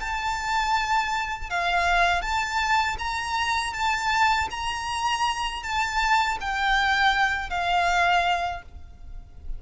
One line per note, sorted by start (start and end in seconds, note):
0.00 1.50 A5
1.50 2.22 F5
2.22 2.97 A5
2.99 3.74 A#5
3.74 4.49 A5
4.51 5.63 A#5
5.63 6.38 A5
6.41 7.50 G5
7.50 8.62 F5